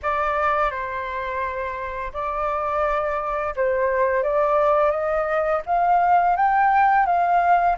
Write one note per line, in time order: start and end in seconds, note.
0.02 0.71 D5
0.71 2.12 C5
2.13 3.54 D5
3.56 4.23 C5
4.23 4.91 D5
4.91 5.61 D#5
5.66 6.36 F5
6.36 7.06 G5
7.06 7.76 F5